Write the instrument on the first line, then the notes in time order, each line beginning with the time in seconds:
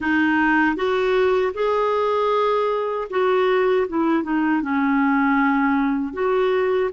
clarinet
0.00 D#4
0.76 F#4
1.54 G#4
3.10 F#4
3.87 E4
4.23 D#4
4.62 C#4
6.13 F#4